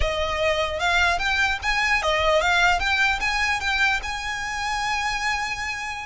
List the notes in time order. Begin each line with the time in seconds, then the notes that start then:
0.00 D#5
0.79 F5
1.18 G5
1.62 G#5
2.02 D#5
2.41 F5
2.79 G5
3.20 G#5
3.60 G5
4.02 G#5